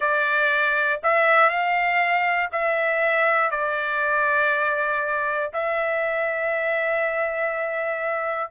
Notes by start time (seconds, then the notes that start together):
0.00 D5
1.03 E5
1.49 F5
2.51 E5
3.50 D5
5.53 E5